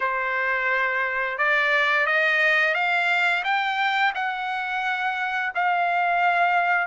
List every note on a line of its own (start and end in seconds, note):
0.00 1.38 C5
1.38 2.06 D5
2.06 2.74 D#5
2.74 3.43 F5
3.44 4.13 G5
4.14 5.52 F#5
5.55 6.86 F5